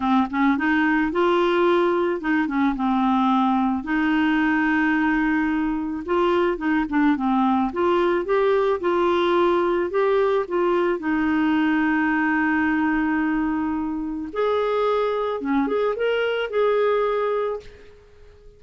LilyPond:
\new Staff \with { instrumentName = "clarinet" } { \time 4/4 \tempo 4 = 109 c'8 cis'8 dis'4 f'2 | dis'8 cis'8 c'2 dis'4~ | dis'2. f'4 | dis'8 d'8 c'4 f'4 g'4 |
f'2 g'4 f'4 | dis'1~ | dis'2 gis'2 | cis'8 gis'8 ais'4 gis'2 | }